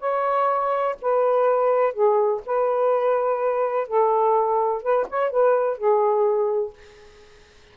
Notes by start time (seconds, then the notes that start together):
0.00 C#5
1.02 B4
1.94 G#4
2.46 B4
3.88 A4
4.83 B4
5.10 C#5
5.31 B4
5.78 G#4